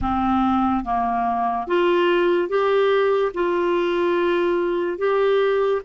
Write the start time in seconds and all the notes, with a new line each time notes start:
0.01 C4
0.84 A#3
1.67 F4
2.48 G4
3.33 F4
4.98 G4